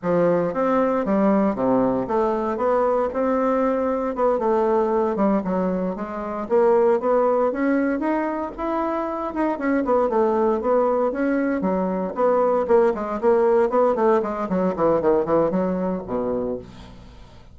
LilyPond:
\new Staff \with { instrumentName = "bassoon" } { \time 4/4 \tempo 4 = 116 f4 c'4 g4 c4 | a4 b4 c'2 | b8 a4. g8 fis4 gis8~ | gis8 ais4 b4 cis'4 dis'8~ |
dis'8 e'4. dis'8 cis'8 b8 a8~ | a8 b4 cis'4 fis4 b8~ | b8 ais8 gis8 ais4 b8 a8 gis8 | fis8 e8 dis8 e8 fis4 b,4 | }